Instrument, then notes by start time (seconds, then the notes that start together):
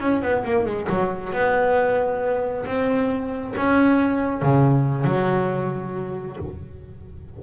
double bass
0.00 C#4
0.22 B3
0.44 A#3
0.65 G#3
0.89 F#3
1.33 B3
2.66 C4
3.56 C#4
4.42 C#3
5.04 F#3